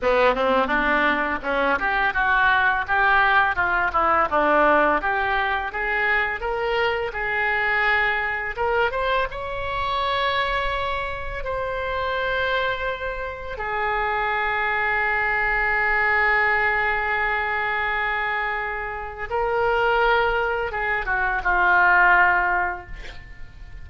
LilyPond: \new Staff \with { instrumentName = "oboe" } { \time 4/4 \tempo 4 = 84 b8 c'8 d'4 cis'8 g'8 fis'4 | g'4 f'8 e'8 d'4 g'4 | gis'4 ais'4 gis'2 | ais'8 c''8 cis''2. |
c''2. gis'4~ | gis'1~ | gis'2. ais'4~ | ais'4 gis'8 fis'8 f'2 | }